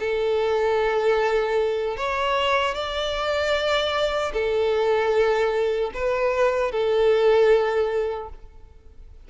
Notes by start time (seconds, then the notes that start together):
0.00 A4
1.97 C#5
2.75 D5
4.33 A4
5.94 B4
6.72 A4